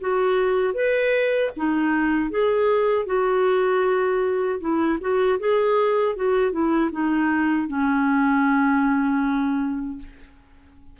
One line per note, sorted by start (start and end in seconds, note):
0.00 0.73 F#4
0.73 1.50 B4
1.56 2.30 D#4
2.30 3.06 G#4
3.06 4.59 F#4
4.60 4.99 E4
5.00 5.39 F#4
5.39 6.15 G#4
6.15 6.51 F#4
6.51 6.90 E4
6.91 7.67 D#4
7.67 9.98 C#4